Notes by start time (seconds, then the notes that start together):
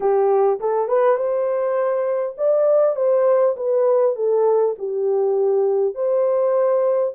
0.00 G4
0.60 A4
0.87 B4
1.16 C5
2.37 D5
2.96 C5
3.56 B4
4.15 A4
4.78 G4
5.94 C5